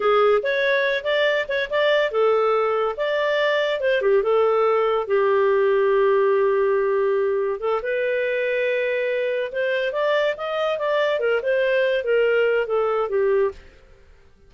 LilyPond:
\new Staff \with { instrumentName = "clarinet" } { \time 4/4 \tempo 4 = 142 gis'4 cis''4. d''4 cis''8 | d''4 a'2 d''4~ | d''4 c''8 g'8 a'2 | g'1~ |
g'2 a'8 b'4.~ | b'2~ b'8 c''4 d''8~ | d''8 dis''4 d''4 ais'8 c''4~ | c''8 ais'4. a'4 g'4 | }